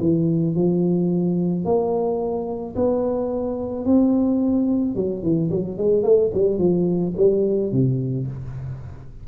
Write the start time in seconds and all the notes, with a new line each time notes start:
0.00 E3
0.55 F3
1.65 A#3
2.75 B3
3.85 C4
4.95 F#3
5.23 E3
5.50 F#3
5.77 G#3
6.03 A3
6.33 G3
6.58 F3
7.17 G3
7.72 C3